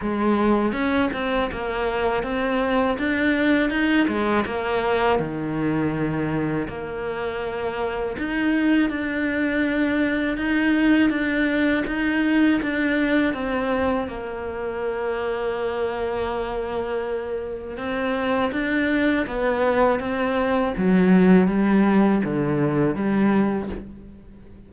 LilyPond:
\new Staff \with { instrumentName = "cello" } { \time 4/4 \tempo 4 = 81 gis4 cis'8 c'8 ais4 c'4 | d'4 dis'8 gis8 ais4 dis4~ | dis4 ais2 dis'4 | d'2 dis'4 d'4 |
dis'4 d'4 c'4 ais4~ | ais1 | c'4 d'4 b4 c'4 | fis4 g4 d4 g4 | }